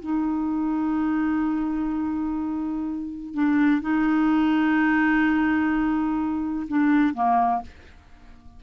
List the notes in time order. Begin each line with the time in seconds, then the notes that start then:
0.00 D#4
3.34 D4
3.81 D#4
6.68 D4
7.14 A#3